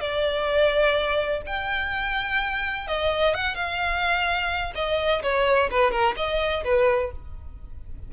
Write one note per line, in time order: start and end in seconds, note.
0.00 1.42 D5
1.46 2.87 G5
2.87 3.34 D#5
3.34 3.55 F#5
3.55 4.73 F5
4.75 5.22 D#5
5.22 5.70 C#5
5.71 5.91 B4
5.91 6.15 A#4
6.16 6.64 D#5
6.64 7.11 B4